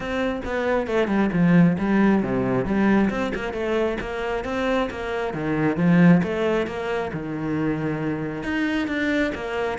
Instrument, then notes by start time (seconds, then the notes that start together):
cello
0.00 C4
0.44 B3
0.87 A3
1.07 G3
1.33 F3
1.78 G3
2.22 C3
2.65 G3
3.10 C4
3.34 A#3
3.53 A3
4.00 A#3
4.44 C4
4.90 A#3
5.33 D#3
5.77 F3
6.23 A3
6.66 A#3
7.13 D#3
8.43 D#4
8.87 D4
9.34 A#3